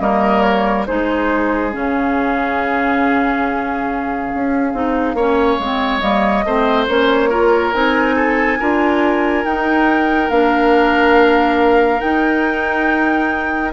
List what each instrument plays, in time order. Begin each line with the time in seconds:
0.00 bassoon G3, clarinet A#3, oboe A#4, flute D#5
0.42 flute C#5
0.87 bassoon G#3, clarinet D#4, oboe G#4, flute C5
1.72 bassoon C#3, clarinet C#4, flute F5
4.35 bassoon C#4
4.74 bassoon C4, clarinet D#4
5.14 bassoon A#3, clarinet C#4, oboe C#5
5.59 bassoon G#3, clarinet C4
5.99 bassoon G3, clarinet A#3, flute D#5
6.45 bassoon A3, clarinet C4, oboe C5
6.88 bassoon A#3, clarinet C#4, flute C#5
7.30 clarinet F4, oboe A#4
7.73 bassoon C4, clarinet D#4, flute G#5
8.16 oboe A4
8.60 bassoon D4, clarinet F4, oboe A#4
9.45 bassoon D#4, clarinet D#4, flute G5
10.30 bassoon A#3, clarinet D4, flute F5
12.00 clarinet D#4, bassoon D#4, flute G5